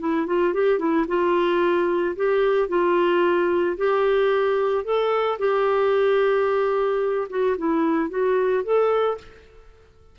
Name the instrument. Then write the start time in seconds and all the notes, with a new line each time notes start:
clarinet
0.00 E4
0.27 F4
0.54 G4
0.79 E4
1.08 F4
2.16 G4
2.69 F4
3.78 G4
4.85 A4
5.39 G4
7.30 F#4
7.58 E4
8.10 F#4
8.64 A4